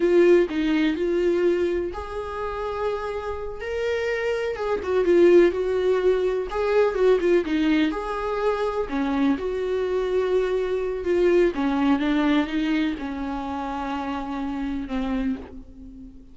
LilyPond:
\new Staff \with { instrumentName = "viola" } { \time 4/4 \tempo 4 = 125 f'4 dis'4 f'2 | gis'2.~ gis'8 ais'8~ | ais'4. gis'8 fis'8 f'4 fis'8~ | fis'4. gis'4 fis'8 f'8 dis'8~ |
dis'8 gis'2 cis'4 fis'8~ | fis'2. f'4 | cis'4 d'4 dis'4 cis'4~ | cis'2. c'4 | }